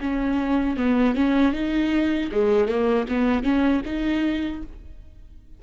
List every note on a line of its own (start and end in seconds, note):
0.00 0.77 C#4
0.77 1.15 B3
1.15 1.52 C#4
1.52 2.29 D#4
2.31 2.67 G#3
2.67 3.06 A#3
3.08 3.43 B3
3.43 3.81 C#4
3.85 4.62 D#4